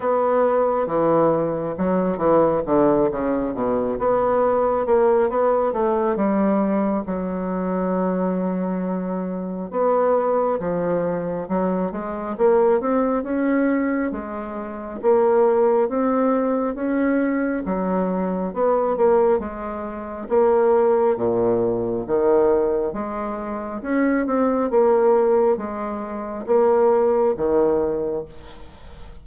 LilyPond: \new Staff \with { instrumentName = "bassoon" } { \time 4/4 \tempo 4 = 68 b4 e4 fis8 e8 d8 cis8 | b,8 b4 ais8 b8 a8 g4 | fis2. b4 | f4 fis8 gis8 ais8 c'8 cis'4 |
gis4 ais4 c'4 cis'4 | fis4 b8 ais8 gis4 ais4 | ais,4 dis4 gis4 cis'8 c'8 | ais4 gis4 ais4 dis4 | }